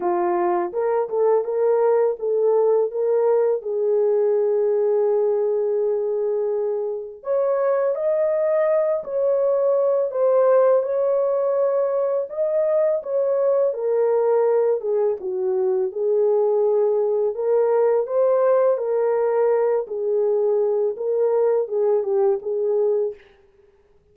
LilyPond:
\new Staff \with { instrumentName = "horn" } { \time 4/4 \tempo 4 = 83 f'4 ais'8 a'8 ais'4 a'4 | ais'4 gis'2.~ | gis'2 cis''4 dis''4~ | dis''8 cis''4. c''4 cis''4~ |
cis''4 dis''4 cis''4 ais'4~ | ais'8 gis'8 fis'4 gis'2 | ais'4 c''4 ais'4. gis'8~ | gis'4 ais'4 gis'8 g'8 gis'4 | }